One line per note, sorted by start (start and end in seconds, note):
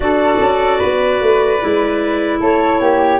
0.00 0.38 D4
0.00 1.60 F#4
0.00 0.78 A4
0.00 2.40 D5
0.40 0.80 C#4
0.78 1.21 B3
0.78 2.38 B4
1.21 1.61 A3
1.61 2.40 G#3
1.61 3.20 E4
2.39 2.80 A3
2.39 2.79 A4
2.39 3.20 C#5
2.80 3.20 A#3
2.80 3.20 G4